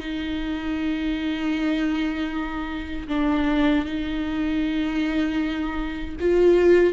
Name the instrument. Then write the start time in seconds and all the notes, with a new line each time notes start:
viola
0.00 D#4
3.08 D4
3.85 D#4
6.20 F4